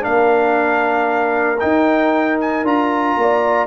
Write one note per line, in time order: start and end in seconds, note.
0.00 1.62 A#3
0.00 1.57 D4
0.00 3.17 A#4
0.00 1.59 F5
1.59 2.64 D#4
1.59 2.63 D#4
1.59 2.38 G5
2.40 2.66 G#5
2.63 3.15 D4
2.63 3.67 F4
2.63 3.67 A#5
3.17 3.67 A#3
3.17 3.67 D5